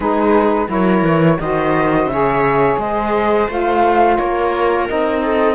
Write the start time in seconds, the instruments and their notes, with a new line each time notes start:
0.00 cello G#3, saxophone D#4, viola G#4, flute B4
0.67 cello F#3, saxophone E4, viola A#4, flute C#5
1.02 cello E3
1.39 cello D#3, saxophone F#4, viola C5, flute D#5
2.06 cello C#3, saxophone G#4, viola C#5, flute E5
2.78 cello G#3, viola C5, flute D#5
3.48 cello A3, saxophone F4, flute F5
4.17 cello A#3, viola A#4, flute C#5
4.88 cello C4, saxophone D#4, flute D#5
5.22 viola A4